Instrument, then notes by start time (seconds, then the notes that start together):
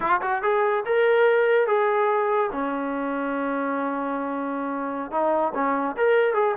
trombone
0.00 F4
0.21 F#4
0.42 G#4
0.85 A#4
1.67 G#4
2.52 C#4
5.11 D#4
5.54 C#4
5.97 A#4
6.34 G#4